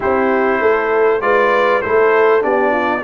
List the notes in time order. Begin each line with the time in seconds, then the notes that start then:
0.00 C4 E4 G4 C5
0.61 A3 A4
1.20 G#3 F4 B4 D5
1.81 A3 E4 A4 C5
2.41 B3 D4 G4 D5
2.71 F4